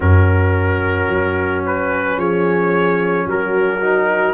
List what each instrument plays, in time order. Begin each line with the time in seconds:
0.00 tuba F#2, trombone C#4, horn F#4, trumpet A#4
1.07 tuba F#3
1.65 trumpet B4
2.16 tuba F3, horn G#4, trumpet C#5
3.26 tuba F#3, horn F#4, trumpet A#4
3.81 trombone D#4